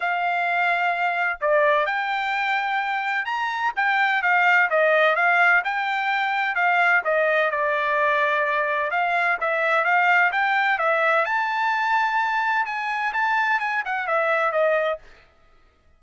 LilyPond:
\new Staff \with { instrumentName = "trumpet" } { \time 4/4 \tempo 4 = 128 f''2. d''4 | g''2. ais''4 | g''4 f''4 dis''4 f''4 | g''2 f''4 dis''4 |
d''2. f''4 | e''4 f''4 g''4 e''4 | a''2. gis''4 | a''4 gis''8 fis''8 e''4 dis''4 | }